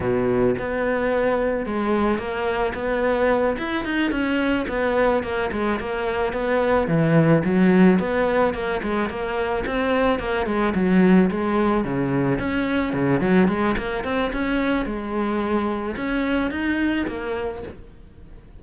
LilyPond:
\new Staff \with { instrumentName = "cello" } { \time 4/4 \tempo 4 = 109 b,4 b2 gis4 | ais4 b4. e'8 dis'8 cis'8~ | cis'8 b4 ais8 gis8 ais4 b8~ | b8 e4 fis4 b4 ais8 |
gis8 ais4 c'4 ais8 gis8 fis8~ | fis8 gis4 cis4 cis'4 cis8 | fis8 gis8 ais8 c'8 cis'4 gis4~ | gis4 cis'4 dis'4 ais4 | }